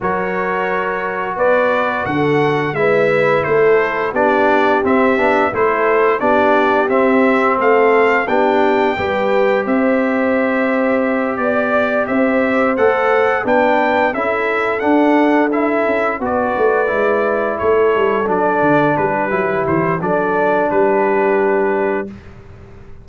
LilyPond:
<<
  \new Staff \with { instrumentName = "trumpet" } { \time 4/4 \tempo 4 = 87 cis''2 d''4 fis''4 | e''4 c''4 d''4 e''4 | c''4 d''4 e''4 f''4 | g''2 e''2~ |
e''8 d''4 e''4 fis''4 g''8~ | g''8 e''4 fis''4 e''4 d''8~ | d''4. cis''4 d''4 b'8~ | b'8 c''8 d''4 b'2 | }
  \new Staff \with { instrumentName = "horn" } { \time 4/4 ais'2 b'4 a'4 | b'4 a'4 g'2 | a'4 g'2 a'4 | g'4 b'4 c''2~ |
c''8 d''4 c''2 b'8~ | b'8 a'2. b'8~ | b'4. a'2 g'8~ | g'4 a'4 g'2 | }
  \new Staff \with { instrumentName = "trombone" } { \time 4/4 fis'1 | e'2 d'4 c'8 d'8 | e'4 d'4 c'2 | d'4 g'2.~ |
g'2~ g'8 a'4 d'8~ | d'8 e'4 d'4 e'4 fis'8~ | fis'8 e'2 d'4. | e'4 d'2. | }
  \new Staff \with { instrumentName = "tuba" } { \time 4/4 fis2 b4 d4 | gis4 a4 b4 c'8 b8 | a4 b4 c'4 a4 | b4 g4 c'2~ |
c'8 b4 c'4 a4 b8~ | b8 cis'4 d'4. cis'8 b8 | a8 gis4 a8 g8 fis8 d8 g8 | fis8 e8 fis4 g2 | }
>>